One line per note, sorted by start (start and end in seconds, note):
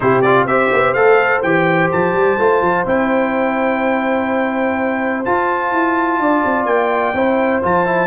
0.00 0.45 C3
0.00 0.23 E4
0.00 0.49 G4
0.00 0.21 C5
0.21 0.48 F4
0.21 0.45 D5
0.45 0.69 C4
0.45 0.95 G4
0.45 6.20 C5
0.45 0.93 E5
0.72 0.94 B3
0.93 1.42 A3
0.93 1.43 A4
0.93 1.41 F5
1.42 1.90 E3
1.42 2.39 G4
1.42 1.90 G5
1.91 2.13 F3
1.91 2.86 A5
2.13 2.37 G3
2.38 2.61 A3
2.38 2.86 F4
2.61 2.85 F3
2.86 5.24 C4
2.86 5.24 E4
2.86 5.24 G5
5.24 7.14 F4
5.24 5.72 F4
5.24 6.65 A5
5.72 6.19 E4
6.19 6.43 D4
6.19 7.15 D5
6.45 6.65 C4
6.65 7.13 A#3
6.65 7.61 G5
7.13 7.61 C4
7.13 7.62 E4
7.13 8.07 C5
7.62 8.07 F3
7.62 7.85 F4
7.62 8.07 A5
7.85 8.07 E4